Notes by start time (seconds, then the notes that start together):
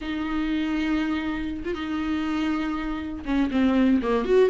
0.01 D#4
1.64 F4
1.74 D#4
3.25 C#4
3.50 C4
4.02 A#3
4.25 F#4